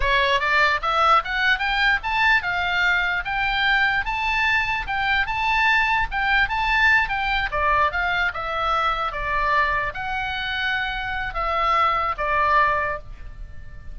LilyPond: \new Staff \with { instrumentName = "oboe" } { \time 4/4 \tempo 4 = 148 cis''4 d''4 e''4 fis''4 | g''4 a''4 f''2 | g''2 a''2 | g''4 a''2 g''4 |
a''4. g''4 d''4 f''8~ | f''8 e''2 d''4.~ | d''8 fis''2.~ fis''8 | e''2 d''2 | }